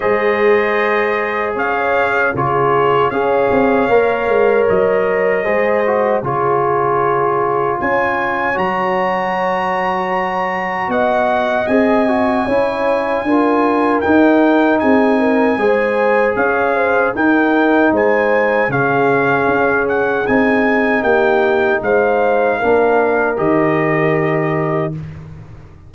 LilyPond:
<<
  \new Staff \with { instrumentName = "trumpet" } { \time 4/4 \tempo 4 = 77 dis''2 f''4 cis''4 | f''2 dis''2 | cis''2 gis''4 ais''4~ | ais''2 fis''4 gis''4~ |
gis''2 g''4 gis''4~ | gis''4 f''4 g''4 gis''4 | f''4. fis''8 gis''4 g''4 | f''2 dis''2 | }
  \new Staff \with { instrumentName = "horn" } { \time 4/4 c''2 cis''4 gis'4 | cis''2. c''4 | gis'2 cis''2~ | cis''2 dis''2 |
cis''4 ais'2 gis'8 ais'8 | c''4 cis''8 c''8 ais'4 c''4 | gis'2. g'4 | c''4 ais'2. | }
  \new Staff \with { instrumentName = "trombone" } { \time 4/4 gis'2. f'4 | gis'4 ais'2 gis'8 fis'8 | f'2. fis'4~ | fis'2. gis'8 fis'8 |
e'4 f'4 dis'2 | gis'2 dis'2 | cis'2 dis'2~ | dis'4 d'4 g'2 | }
  \new Staff \with { instrumentName = "tuba" } { \time 4/4 gis2 cis'4 cis4 | cis'8 c'8 ais8 gis8 fis4 gis4 | cis2 cis'4 fis4~ | fis2 b4 c'4 |
cis'4 d'4 dis'4 c'4 | gis4 cis'4 dis'4 gis4 | cis4 cis'4 c'4 ais4 | gis4 ais4 dis2 | }
>>